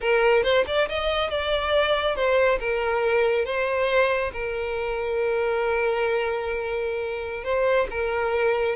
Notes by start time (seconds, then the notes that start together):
0.00 A#4
0.43 C5
0.67 D5
0.88 D#5
1.29 D5
2.15 C5
2.59 A#4
3.45 C5
4.32 A#4
7.44 C5
7.90 A#4